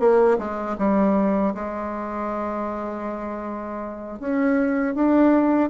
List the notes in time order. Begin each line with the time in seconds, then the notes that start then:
0.00 A#3
0.39 G#3
0.78 G3
1.55 G#3
4.20 C#4
4.95 D4